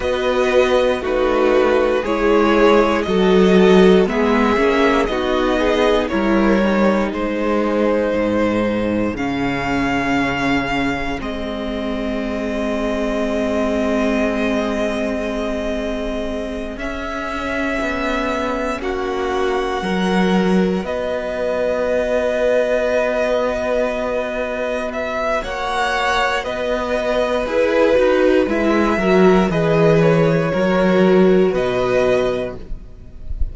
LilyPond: <<
  \new Staff \with { instrumentName = "violin" } { \time 4/4 \tempo 4 = 59 dis''4 b'4 cis''4 dis''4 | e''4 dis''4 cis''4 c''4~ | c''4 f''2 dis''4~ | dis''1~ |
dis''8 e''2 fis''4.~ | fis''8 dis''2.~ dis''8~ | dis''8 e''8 fis''4 dis''4 b'4 | e''4 dis''8 cis''4. dis''4 | }
  \new Staff \with { instrumentName = "violin" } { \time 4/4 b'4 fis'4 gis'4 a'4 | gis'4 fis'8 gis'8 ais'4 gis'4~ | gis'1~ | gis'1~ |
gis'2~ gis'8 fis'4 ais'8~ | ais'8 b'2.~ b'8~ | b'4 cis''4 b'2~ | b'8 ais'8 b'4 ais'4 b'4 | }
  \new Staff \with { instrumentName = "viola" } { \time 4/4 fis'4 dis'4 e'4 fis'4 | b8 cis'8 dis'4 e'8 dis'4.~ | dis'4 cis'2 c'4~ | c'1~ |
c'8 cis'2. fis'8~ | fis'1~ | fis'2. gis'8 fis'8 | e'8 fis'8 gis'4 fis'2 | }
  \new Staff \with { instrumentName = "cello" } { \time 4/4 b4 a4 gis4 fis4 | gis8 ais8 b4 g4 gis4 | gis,4 cis2 gis4~ | gis1~ |
gis8 cis'4 b4 ais4 fis8~ | fis8 b2.~ b8~ | b4 ais4 b4 e'8 dis'8 | gis8 fis8 e4 fis4 b,4 | }
>>